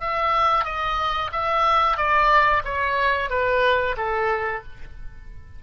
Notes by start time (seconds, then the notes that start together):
0.00 E5
0.65 D#5
1.32 E5
1.97 D5
2.65 C#5
3.30 B4
3.97 A4